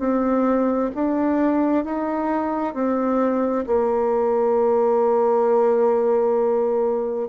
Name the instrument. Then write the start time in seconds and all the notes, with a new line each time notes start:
bassoon
0.00 C4
0.95 D4
1.85 D#4
2.75 C4
3.67 A#3